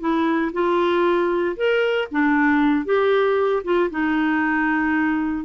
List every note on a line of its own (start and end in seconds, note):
0.00 0.52 E4
0.53 1.56 F4
1.56 2.08 A#4
2.11 2.85 D4
2.85 3.63 G4
3.64 3.90 F4
3.91 5.45 D#4